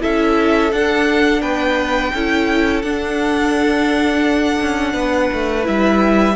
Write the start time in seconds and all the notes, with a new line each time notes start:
0.00 C#4 E4 A4 E5
0.72 D4 F#5
1.41 B3 B4 G5
2.14 C#4 E4 A4
2.82 D4 F#5
4.61 C#4
4.93 B3 B4
5.33 A3
5.64 G3 E4 E5